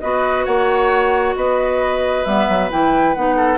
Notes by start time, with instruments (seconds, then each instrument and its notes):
0.00 bassoon B3, clarinet F#4, oboe B4, flute D#5
0.45 bassoon A#3, oboe C#5, flute F#5
1.36 bassoon B3, oboe B4, flute D#5
2.25 bassoon G3, clarinet B3, flute E5
2.49 bassoon F#3
2.70 bassoon E3, clarinet E4, flute G5
3.15 bassoon B3, clarinet D#4, flute F#5
3.36 oboe A4